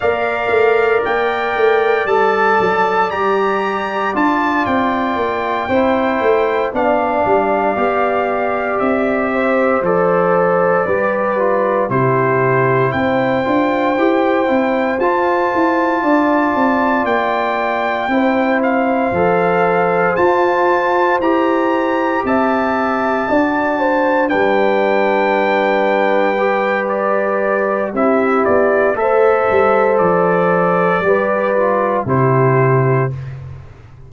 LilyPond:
<<
  \new Staff \with { instrumentName = "trumpet" } { \time 4/4 \tempo 4 = 58 f''4 g''4 a''4 ais''4 | a''8 g''2 f''4.~ | f''8 e''4 d''2 c''8~ | c''8 g''2 a''4.~ |
a''8 g''4. f''4. a''8~ | a''8 ais''4 a''2 g''8~ | g''2 d''4 e''8 d''8 | e''4 d''2 c''4 | }
  \new Staff \with { instrumentName = "horn" } { \time 4/4 d''1~ | d''4. c''4 d''4.~ | d''4 c''4. b'4 g'8~ | g'8 c''2. d''8~ |
d''4. c''2~ c''8~ | c''4. e''4 d''8 c''8 b'8~ | b'2. g'4 | c''2 b'4 g'4 | }
  \new Staff \with { instrumentName = "trombone" } { \time 4/4 ais'2 a'4 g'4 | f'4. e'4 d'4 g'8~ | g'4. a'4 g'8 f'8 e'8~ | e'4 f'8 g'8 e'8 f'4.~ |
f'4. e'4 a'4 f'8~ | f'8 g'2 fis'4 d'8~ | d'4. g'4. e'4 | a'2 g'8 f'8 e'4 | }
  \new Staff \with { instrumentName = "tuba" } { \time 4/4 ais8 a8 ais8 a8 g8 fis8 g4 | d'8 c'8 ais8 c'8 a8 b8 g8 b8~ | b8 c'4 f4 g4 c8~ | c8 c'8 d'8 e'8 c'8 f'8 e'8 d'8 |
c'8 ais4 c'4 f4 f'8~ | f'8 e'4 c'4 d'4 g8~ | g2. c'8 b8 | a8 g8 f4 g4 c4 | }
>>